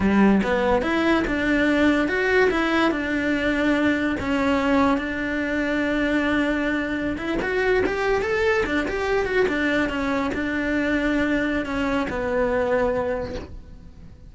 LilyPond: \new Staff \with { instrumentName = "cello" } { \time 4/4 \tempo 4 = 144 g4 b4 e'4 d'4~ | d'4 fis'4 e'4 d'4~ | d'2 cis'2 | d'1~ |
d'4~ d'16 e'8 fis'4 g'4 a'16~ | a'8. d'8 g'4 fis'8 d'4 cis'16~ | cis'8. d'2.~ d'16 | cis'4 b2. | }